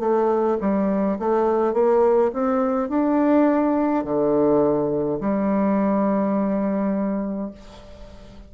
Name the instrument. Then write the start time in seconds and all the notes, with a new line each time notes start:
bassoon
0.00 A3
0.61 G3
1.20 A3
1.74 A#3
2.33 C4
2.90 D4
4.04 D3
5.21 G3